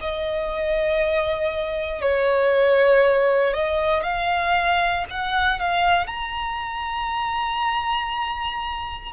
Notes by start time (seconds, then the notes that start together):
0.00 D#5
2.01 C#5
3.54 D#5
4.03 F5
5.10 F#5
5.59 F5
6.06 A#5